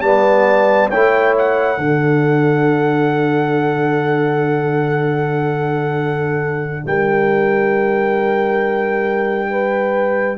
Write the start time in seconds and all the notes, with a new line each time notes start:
0.00 G3 B3 D5 A5
0.90 A3 E4 C#5 G5
1.38 F#5
1.77 D3 D4 A4
6.86 G3 A#4 G5
9.50 B4